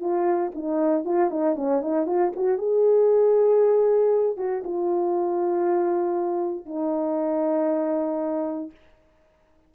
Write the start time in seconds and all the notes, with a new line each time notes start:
0.00 F4
0.55 D#4
1.05 F4
1.30 D#4
1.55 C#4
1.81 D#4
2.06 F4
2.36 F#4
2.58 G#4
4.37 F#4
4.64 F4
6.65 D#4